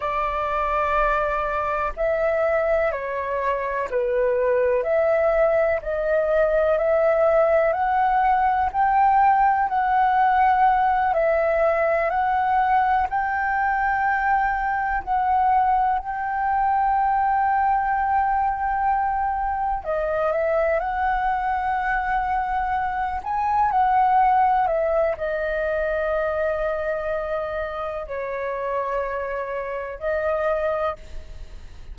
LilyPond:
\new Staff \with { instrumentName = "flute" } { \time 4/4 \tempo 4 = 62 d''2 e''4 cis''4 | b'4 e''4 dis''4 e''4 | fis''4 g''4 fis''4. e''8~ | e''8 fis''4 g''2 fis''8~ |
fis''8 g''2.~ g''8~ | g''8 dis''8 e''8 fis''2~ fis''8 | gis''8 fis''4 e''8 dis''2~ | dis''4 cis''2 dis''4 | }